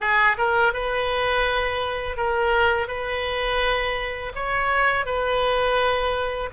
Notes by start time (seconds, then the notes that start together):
0.00 G#4
0.37 A#4
0.73 B4
2.17 A#4
2.87 B4
4.35 C#5
5.05 B4